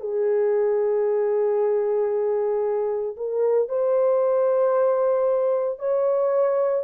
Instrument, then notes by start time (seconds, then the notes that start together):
horn
0.00 G#4
3.16 A#4
3.68 C5
5.79 C#5